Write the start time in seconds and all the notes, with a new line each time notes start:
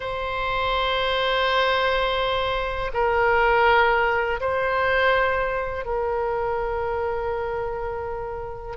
0.00 C5
2.93 A#4
4.40 C5
5.85 A#4